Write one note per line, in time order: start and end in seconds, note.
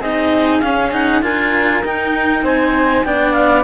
0.00 0.61 C4
0.00 0.62 D#4
0.00 1.21 G#4
0.00 0.60 D#5
0.60 1.21 C#4
0.60 0.91 C#4
0.60 0.90 F5
0.91 1.22 D#4
0.91 1.22 F#5
1.21 1.82 D4
1.21 1.83 F4
1.21 2.44 A#4
1.21 1.83 G#5
1.82 2.42 D#4
1.82 3.05 D#4
1.82 2.45 G5
2.42 3.02 C4
2.42 3.04 C5
2.42 3.04 G#5
3.04 3.64 B3
3.04 3.64 D4
3.04 3.64 D5
3.04 3.32 G5
3.32 3.62 F5